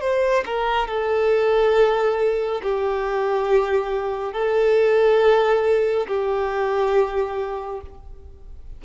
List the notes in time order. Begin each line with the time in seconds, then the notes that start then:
0.00 C5
0.45 A#4
0.87 A4
2.62 G4
4.32 A4
6.07 G4